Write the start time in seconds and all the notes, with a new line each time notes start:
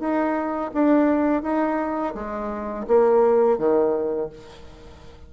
0.00 D#4
0.74 D4
1.43 D#4
2.15 G#3
2.88 A#3
3.58 D#3